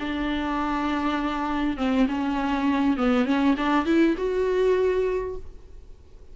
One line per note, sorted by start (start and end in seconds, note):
0.00 1.77 D4
1.77 2.07 C4
2.08 2.97 C#4
2.97 3.25 B3
3.25 3.55 C#4
3.57 3.86 D4
3.86 4.15 E4
4.17 5.36 F#4